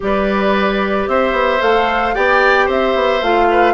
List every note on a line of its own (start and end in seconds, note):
0.00 1.07 G3
0.00 1.60 G4
0.00 1.09 B4
0.00 1.08 D5
1.07 1.32 C4
1.07 2.14 C5
1.07 1.61 E5
1.32 1.59 B3
1.60 2.15 A3
1.60 2.13 A4
1.60 2.15 F5
2.14 2.68 B3
2.14 3.21 G4
2.14 2.66 D5
2.14 2.68 G5
2.66 2.95 C4
2.66 3.46 C5
2.66 3.23 E5
2.95 3.21 B3
3.21 3.73 A3
3.21 3.73 F4
3.21 3.73 F5
3.50 3.73 B4